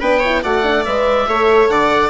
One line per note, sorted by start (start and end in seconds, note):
0.00 0.43 B3
0.00 0.23 D4
0.00 0.19 B4
0.00 0.43 G5
0.19 0.43 E4
0.19 0.40 C#5
0.42 0.86 A3
0.42 0.63 F#4
0.42 1.27 D5
0.42 0.84 F#5
0.63 0.84 D4
0.84 1.27 G#3
0.84 1.27 B4
0.84 1.69 E5
1.27 1.68 A3
1.27 2.09 A4
1.27 1.71 C#5
1.68 2.09 D3
1.68 2.09 D5
1.68 2.09 F#5